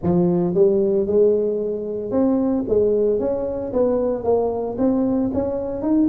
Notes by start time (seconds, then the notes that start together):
0.02 F3
0.54 G3
1.06 G#3
2.11 C4
2.68 G#3
3.19 C#4
3.73 B3
4.23 A#3
4.77 C4
5.33 C#4
5.81 D#4